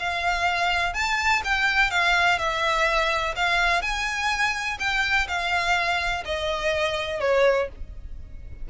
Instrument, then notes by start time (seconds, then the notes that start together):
violin
0.00 F5
0.94 A5
1.45 G5
1.91 F5
2.39 E5
3.36 F5
3.82 G#5
4.80 G5
5.28 F5
6.25 D#5
7.21 C#5